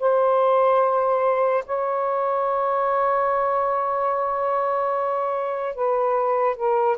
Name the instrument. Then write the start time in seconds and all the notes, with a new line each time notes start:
saxophone
0.00 C5
1.67 C#5
5.76 B4
6.57 A#4